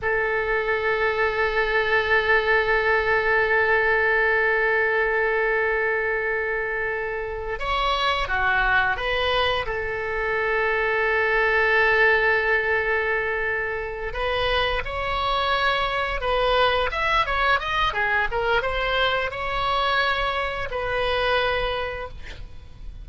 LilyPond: \new Staff \with { instrumentName = "oboe" } { \time 4/4 \tempo 4 = 87 a'1~ | a'1~ | a'2. cis''4 | fis'4 b'4 a'2~ |
a'1~ | a'8 b'4 cis''2 b'8~ | b'8 e''8 cis''8 dis''8 gis'8 ais'8 c''4 | cis''2 b'2 | }